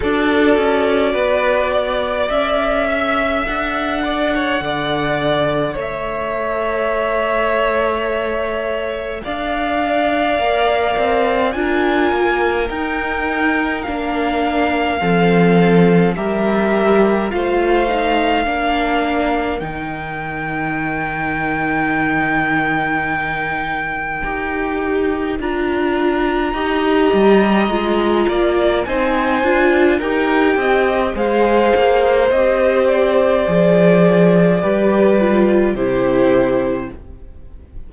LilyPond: <<
  \new Staff \with { instrumentName = "violin" } { \time 4/4 \tempo 4 = 52 d''2 e''4 fis''4~ | fis''4 e''2. | f''2 gis''4 g''4 | f''2 e''4 f''4~ |
f''4 g''2.~ | g''2 ais''2~ | ais''4 gis''4 g''4 f''4 | dis''8 d''2~ d''8 c''4 | }
  \new Staff \with { instrumentName = "violin" } { \time 4/4 a'4 b'8 d''4 e''4 d''16 cis''16 | d''4 cis''2. | d''2 ais'2~ | ais'4 a'4 ais'4 c''4 |
ais'1~ | ais'2. dis''4~ | dis''8 d''8 c''4 ais'8 dis''8 c''4~ | c''2 b'4 g'4 | }
  \new Staff \with { instrumentName = "viola" } { \time 4/4 fis'2 a'2~ | a'1~ | a'4 ais'4 f'4 dis'4 | d'4 c'4 g'4 f'8 dis'8 |
d'4 dis'2.~ | dis'4 g'4 f'4 g'4 | f'4 dis'8 f'8 g'4 gis'4 | g'4 gis'4 g'8 f'8 e'4 | }
  \new Staff \with { instrumentName = "cello" } { \time 4/4 d'8 cis'8 b4 cis'4 d'4 | d4 a2. | d'4 ais8 c'8 d'8 ais8 dis'4 | ais4 f4 g4 a4 |
ais4 dis2.~ | dis4 dis'4 d'4 dis'8 g8 | gis8 ais8 c'8 d'8 dis'8 c'8 gis8 ais8 | c'4 f4 g4 c4 | }
>>